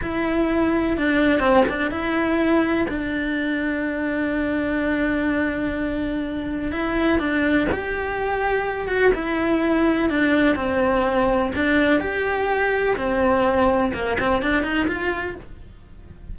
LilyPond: \new Staff \with { instrumentName = "cello" } { \time 4/4 \tempo 4 = 125 e'2 d'4 c'8 d'8 | e'2 d'2~ | d'1~ | d'2 e'4 d'4 |
g'2~ g'8 fis'8 e'4~ | e'4 d'4 c'2 | d'4 g'2 c'4~ | c'4 ais8 c'8 d'8 dis'8 f'4 | }